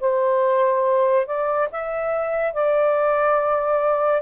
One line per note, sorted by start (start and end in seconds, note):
0.00 1.26 C5
1.26 1.68 D5
1.72 2.53 E5
2.53 4.22 D5